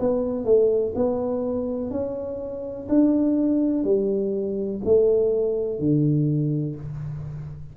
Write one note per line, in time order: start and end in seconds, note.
0.00 0.45 B3
0.45 0.93 A3
0.95 1.91 B3
1.91 2.88 C#4
2.89 3.84 D4
3.84 4.81 G3
4.84 5.79 A3
5.79 6.76 D3